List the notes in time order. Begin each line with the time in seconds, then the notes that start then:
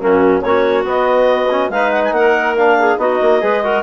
0.00 F#2 A#3 C#4 F#4
0.41 A#3 C#4 F#4 C#5
0.84 B3 D#5
1.51 C#4
1.70 G#3 D#4 B4 F5
1.92 F#5
2.04 G#5
2.12 A#3 A#4 F#5
2.57 D4 F5
2.80 G#4
2.98 B3 D#4 F#4 D#5
3.22 A#3
3.41 G#3 G#4 B4
3.63 F#4 A#4